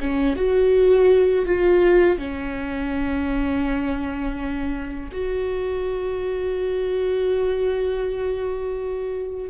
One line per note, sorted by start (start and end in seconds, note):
0.00 0.36 C#4
0.36 1.45 F#4
1.45 2.18 F4
2.18 5.11 C#4
5.12 9.50 F#4